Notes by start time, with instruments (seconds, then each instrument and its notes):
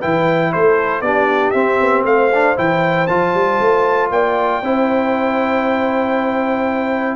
0.00 tuba E3, trombone E4, horn B4, trumpet G5
0.53 tuba A3, horn A4, trumpet C5
1.01 tuba B3, trombone D4, horn G4, trumpet D5
1.51 tuba C4, trombone C4, trumpet E5
1.80 tuba B3
2.04 tuba A3, horn C5, trumpet F5
2.34 trombone D4
2.57 tuba E3, trombone E4, trumpet G5
3.07 tuba F3, trombone F4, trumpet A5
3.34 tuba G3
3.60 tuba A3
4.10 tuba A#3, horn D5, trumpet G5
4.62 tuba C4, trombone E4, horn C5